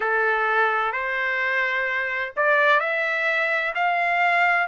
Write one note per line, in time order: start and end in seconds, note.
0.00 0.92 A4
0.92 2.33 C5
2.36 2.80 D5
2.80 3.73 E5
3.74 4.67 F5